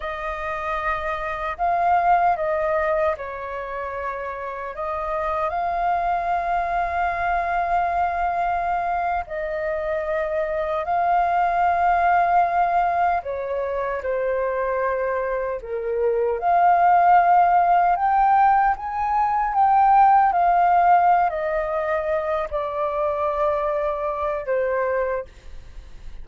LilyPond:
\new Staff \with { instrumentName = "flute" } { \time 4/4 \tempo 4 = 76 dis''2 f''4 dis''4 | cis''2 dis''4 f''4~ | f''2.~ f''8. dis''16~ | dis''4.~ dis''16 f''2~ f''16~ |
f''8. cis''4 c''2 ais'16~ | ais'8. f''2 g''4 gis''16~ | gis''8. g''4 f''4~ f''16 dis''4~ | dis''8 d''2~ d''8 c''4 | }